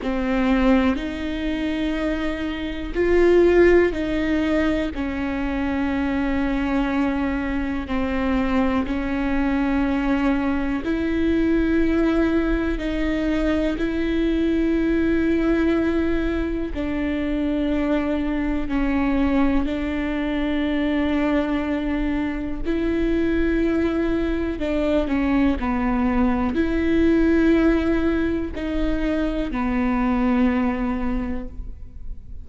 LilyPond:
\new Staff \with { instrumentName = "viola" } { \time 4/4 \tempo 4 = 61 c'4 dis'2 f'4 | dis'4 cis'2. | c'4 cis'2 e'4~ | e'4 dis'4 e'2~ |
e'4 d'2 cis'4 | d'2. e'4~ | e'4 d'8 cis'8 b4 e'4~ | e'4 dis'4 b2 | }